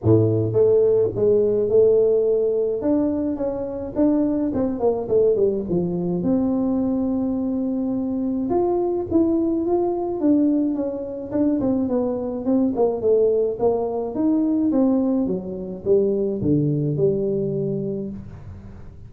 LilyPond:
\new Staff \with { instrumentName = "tuba" } { \time 4/4 \tempo 4 = 106 a,4 a4 gis4 a4~ | a4 d'4 cis'4 d'4 | c'8 ais8 a8 g8 f4 c'4~ | c'2. f'4 |
e'4 f'4 d'4 cis'4 | d'8 c'8 b4 c'8 ais8 a4 | ais4 dis'4 c'4 fis4 | g4 d4 g2 | }